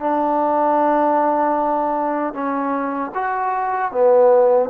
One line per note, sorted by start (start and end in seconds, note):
0.00 2.33 D4
2.33 3.11 C#4
3.15 3.92 F#4
3.92 4.70 B3